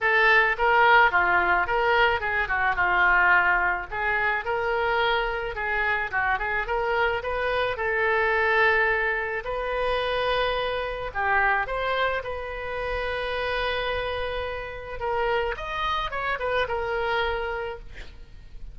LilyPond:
\new Staff \with { instrumentName = "oboe" } { \time 4/4 \tempo 4 = 108 a'4 ais'4 f'4 ais'4 | gis'8 fis'8 f'2 gis'4 | ais'2 gis'4 fis'8 gis'8 | ais'4 b'4 a'2~ |
a'4 b'2. | g'4 c''4 b'2~ | b'2. ais'4 | dis''4 cis''8 b'8 ais'2 | }